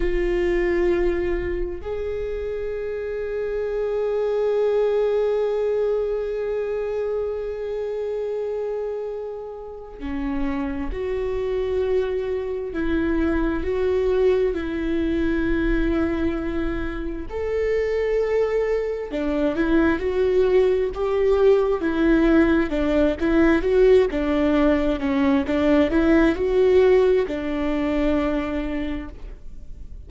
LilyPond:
\new Staff \with { instrumentName = "viola" } { \time 4/4 \tempo 4 = 66 f'2 gis'2~ | gis'1~ | gis'2. cis'4 | fis'2 e'4 fis'4 |
e'2. a'4~ | a'4 d'8 e'8 fis'4 g'4 | e'4 d'8 e'8 fis'8 d'4 cis'8 | d'8 e'8 fis'4 d'2 | }